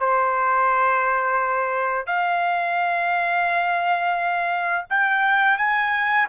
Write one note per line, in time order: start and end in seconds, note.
0.00 2.06 C5
2.06 4.86 F5
4.90 5.58 G5
5.58 6.28 G#5